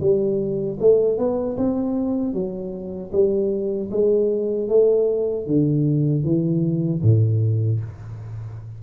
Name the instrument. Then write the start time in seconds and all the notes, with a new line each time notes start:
tuba
0.00 G3
0.79 A3
1.18 B3
1.57 C4
2.33 F#3
3.12 G3
3.91 G#3
4.69 A3
5.46 D3
6.23 E3
7.02 A2